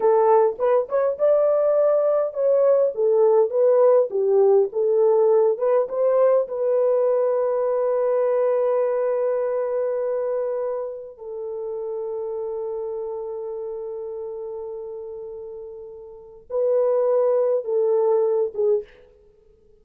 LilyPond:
\new Staff \with { instrumentName = "horn" } { \time 4/4 \tempo 4 = 102 a'4 b'8 cis''8 d''2 | cis''4 a'4 b'4 g'4 | a'4. b'8 c''4 b'4~ | b'1~ |
b'2. a'4~ | a'1~ | a'1 | b'2 a'4. gis'8 | }